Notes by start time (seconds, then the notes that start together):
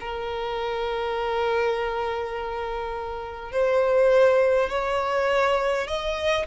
0.00 A#4
3.52 C5
4.70 C#5
5.87 D#5